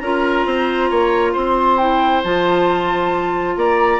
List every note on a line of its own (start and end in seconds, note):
0.00 0.46 C#4
0.00 1.80 F4
0.00 0.47 A#4
0.00 1.33 A#5
0.46 0.90 C4
0.46 0.90 C5
0.90 1.35 A#3
0.90 1.33 C#5
1.33 2.25 C4
1.33 3.55 C5
1.33 1.78 C6
1.78 2.24 E4
1.78 2.22 G5
2.24 3.56 F3
2.24 4.00 F4
2.24 3.57 A5
3.56 4.00 A#3
3.56 4.00 D5
3.56 4.00 A#5